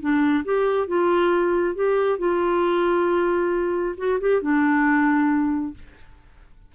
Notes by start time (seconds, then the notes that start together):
0.00 D4
0.45 G4
0.87 F4
1.75 G4
2.19 F4
3.97 F#4
4.20 G4
4.41 D4